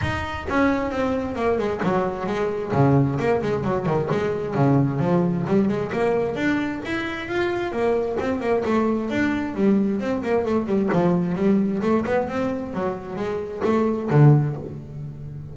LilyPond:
\new Staff \with { instrumentName = "double bass" } { \time 4/4 \tempo 4 = 132 dis'4 cis'4 c'4 ais8 gis8 | fis4 gis4 cis4 ais8 gis8 | fis8 dis8 gis4 cis4 f4 | g8 gis8 ais4 d'4 e'4 |
f'4 ais4 c'8 ais8 a4 | d'4 g4 c'8 ais8 a8 g8 | f4 g4 a8 b8 c'4 | fis4 gis4 a4 d4 | }